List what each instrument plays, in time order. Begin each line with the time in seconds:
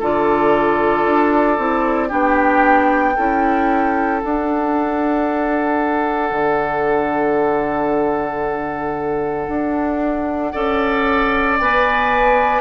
0.00 bassoon D3, clarinet F4, oboe A4, flute D5
1.06 bassoon D4
1.59 bassoon C4, clarinet E4
2.09 bassoon B3, clarinet D4, oboe G4, flute G5
3.16 bassoon C#4, clarinet E4, oboe A4
4.21 clarinet D4, bassoon D4, flute F#5
6.32 bassoon D3
9.49 bassoon D4
10.53 bassoon C#4, clarinet A4, oboe D5
11.60 bassoon B3, clarinet B4, flute G#5